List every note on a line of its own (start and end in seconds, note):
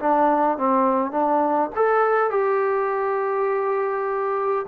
0.00 0.58 D4
0.58 1.12 C4
1.12 1.71 D4
1.76 2.31 A4
2.31 4.66 G4